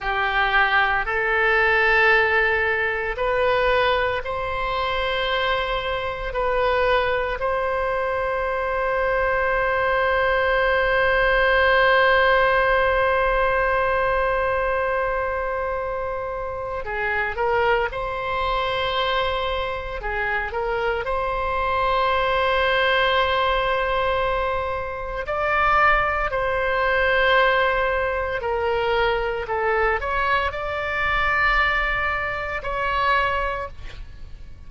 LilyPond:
\new Staff \with { instrumentName = "oboe" } { \time 4/4 \tempo 4 = 57 g'4 a'2 b'4 | c''2 b'4 c''4~ | c''1~ | c''1 |
gis'8 ais'8 c''2 gis'8 ais'8 | c''1 | d''4 c''2 ais'4 | a'8 cis''8 d''2 cis''4 | }